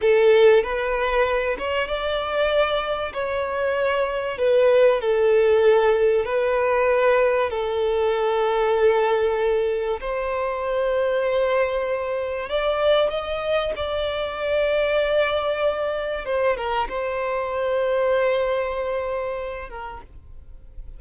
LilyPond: \new Staff \with { instrumentName = "violin" } { \time 4/4 \tempo 4 = 96 a'4 b'4. cis''8 d''4~ | d''4 cis''2 b'4 | a'2 b'2 | a'1 |
c''1 | d''4 dis''4 d''2~ | d''2 c''8 ais'8 c''4~ | c''2.~ c''8 ais'8 | }